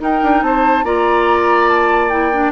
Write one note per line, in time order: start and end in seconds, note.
0.00 0.21 D#4
0.00 0.84 D#4
0.00 0.44 A#4
0.00 0.42 G5
0.23 0.42 D4
0.42 0.84 C4
0.42 0.85 C5
0.42 0.85 A5
0.84 2.52 A#3
0.84 2.10 F4
0.84 2.52 D5
0.84 1.69 A#5
1.69 2.09 A5
2.09 2.32 E4
2.09 2.51 G5
2.33 2.52 D4